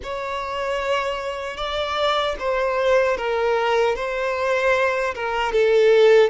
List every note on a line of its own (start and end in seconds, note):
0.03 1.56 C#5
1.56 2.35 D5
2.39 3.17 C5
3.17 3.95 A#4
3.95 5.14 C5
5.14 5.52 A#4
5.52 6.29 A4